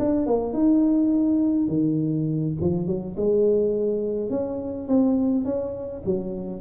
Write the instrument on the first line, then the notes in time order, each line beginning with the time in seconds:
tuba
0.00 D4
0.27 A#3
0.54 D#4
1.69 D#3
2.61 F3
2.87 F#3
3.17 G#3
4.31 C#4
4.88 C4
5.45 C#4
6.06 F#3